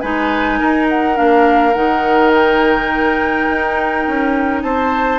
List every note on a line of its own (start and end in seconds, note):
0.00 0.60 G#3
0.00 1.15 D#4
0.00 0.59 B4
0.00 0.87 G#5
0.59 1.19 D#4
0.59 4.63 A#4
0.89 1.17 F#5
1.15 1.75 A#3
1.15 1.73 D4
1.15 1.73 F5
1.73 3.48 D#3
1.73 5.19 D#4
1.73 2.31 F#5
2.34 4.62 G5
3.49 4.06 D#4
4.07 4.63 C#4
4.62 5.19 C4
4.62 5.19 C5
4.62 5.19 A5